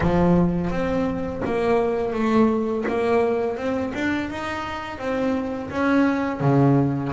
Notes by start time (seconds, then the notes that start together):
0.00 F3
0.70 C4
1.44 A#3
2.13 A3
2.87 A#3
3.57 C4
3.94 D4
4.30 D#4
4.98 C4
5.70 C#4
6.40 C#3